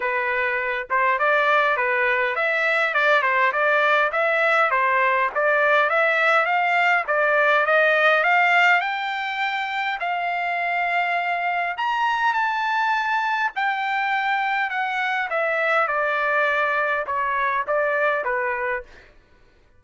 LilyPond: \new Staff \with { instrumentName = "trumpet" } { \time 4/4 \tempo 4 = 102 b'4. c''8 d''4 b'4 | e''4 d''8 c''8 d''4 e''4 | c''4 d''4 e''4 f''4 | d''4 dis''4 f''4 g''4~ |
g''4 f''2. | ais''4 a''2 g''4~ | g''4 fis''4 e''4 d''4~ | d''4 cis''4 d''4 b'4 | }